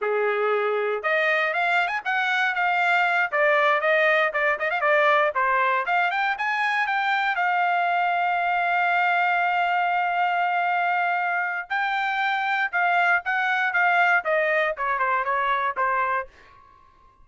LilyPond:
\new Staff \with { instrumentName = "trumpet" } { \time 4/4 \tempo 4 = 118 gis'2 dis''4 f''8. gis''16 | fis''4 f''4. d''4 dis''8~ | dis''8 d''8 dis''16 f''16 d''4 c''4 f''8 | g''8 gis''4 g''4 f''4.~ |
f''1~ | f''2. g''4~ | g''4 f''4 fis''4 f''4 | dis''4 cis''8 c''8 cis''4 c''4 | }